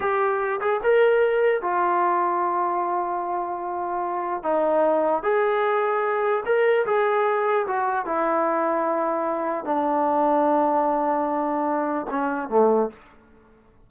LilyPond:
\new Staff \with { instrumentName = "trombone" } { \time 4/4 \tempo 4 = 149 g'4. gis'8 ais'2 | f'1~ | f'2. dis'4~ | dis'4 gis'2. |
ais'4 gis'2 fis'4 | e'1 | d'1~ | d'2 cis'4 a4 | }